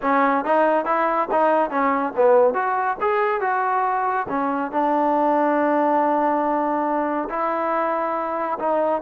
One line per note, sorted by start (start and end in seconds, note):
0.01 0.44 C#4
0.44 0.85 D#4
0.85 1.28 E4
1.31 1.70 D#4
1.70 2.13 C#4
2.16 2.54 B3
2.54 2.96 F#4
3.00 3.41 G#4
3.41 4.26 F#4
4.29 4.71 C#4
4.71 7.28 D4
7.29 8.58 E4
8.59 9.01 D#4